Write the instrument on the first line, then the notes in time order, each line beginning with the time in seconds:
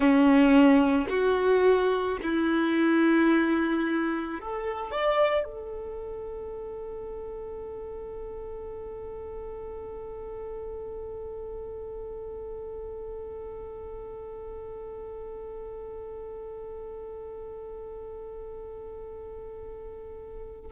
violin
0.00 C#4
1.09 F#4
2.22 E4
4.40 A4
4.91 D5
5.44 A4